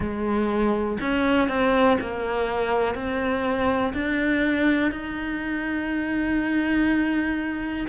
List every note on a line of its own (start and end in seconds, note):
0.00 0.98 G#3
1.01 1.48 C#4
1.48 1.97 C4
2.00 2.94 A#3
2.94 3.93 C4
3.93 4.91 D4
4.91 7.86 D#4